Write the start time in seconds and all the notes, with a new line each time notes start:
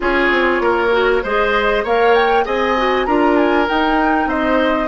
0.00 C#4 F4 G#4 C#5
0.30 C4
0.60 A#3 A#4
0.91 F#4
1.23 G#3 G#4 C5 D#5
1.83 A#3 A#4 C#5 F5
2.14 G5
2.44 C4 G#4 D#5 G#5
2.77 F#4
3.05 D4 F4 A#4 A#5
3.36 G#5
3.67 D#4 G5
4.26 C4 C5 D#5